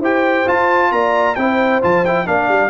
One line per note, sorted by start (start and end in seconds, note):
0.00 0.45 E4
0.00 0.46 G4
0.00 0.90 C5
0.00 0.49 G5
0.46 1.36 F4
0.46 0.92 F4
0.46 0.92 A5
0.92 1.37 A#3
0.92 1.39 D5
0.92 1.36 A#5
1.36 1.82 C4
1.36 1.83 E4
1.36 2.27 C5
1.36 1.81 G5
1.83 2.28 F3
1.83 2.05 F4
1.83 2.06 A5
2.06 2.25 E4
2.06 2.27 G5
2.25 2.49 A#3
2.25 2.70 D4
2.25 2.71 D5
2.25 2.71 F5
2.49 2.71 G3